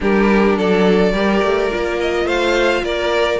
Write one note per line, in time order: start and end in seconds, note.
0.00 0.58 G3
0.00 1.13 D4
0.00 0.57 G4
0.00 0.58 A#4
0.57 1.12 F#3
0.57 1.11 A4
0.57 2.00 D5
1.11 1.41 G3
1.11 1.70 G4
1.11 2.25 A#4
1.42 1.70 A3
1.70 2.25 A#3
1.70 3.39 F4
2.00 2.27 D#5
2.25 2.81 A3
2.25 2.82 C5
2.25 2.84 F5
2.82 3.39 A#3
2.82 3.39 A#4
2.82 3.39 D5